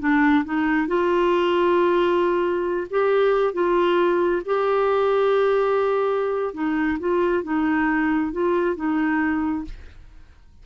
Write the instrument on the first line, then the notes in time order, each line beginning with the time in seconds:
clarinet
0.00 D4
0.45 D#4
0.88 F4
2.91 G4
3.54 F4
4.46 G4
6.54 D#4
7.00 F4
7.44 D#4
8.33 F4
8.76 D#4